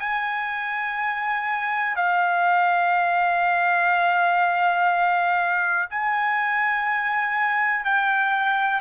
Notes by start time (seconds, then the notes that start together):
0.00 G#5
1.96 F5
5.91 G#5
7.86 G5